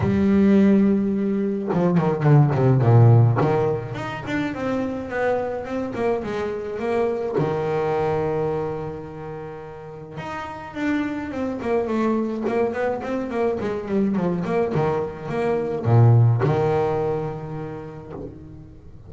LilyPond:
\new Staff \with { instrumentName = "double bass" } { \time 4/4 \tempo 4 = 106 g2. f8 dis8 | d8 c8 ais,4 dis4 dis'8 d'8 | c'4 b4 c'8 ais8 gis4 | ais4 dis2.~ |
dis2 dis'4 d'4 | c'8 ais8 a4 ais8 b8 c'8 ais8 | gis8 g8 f8 ais8 dis4 ais4 | ais,4 dis2. | }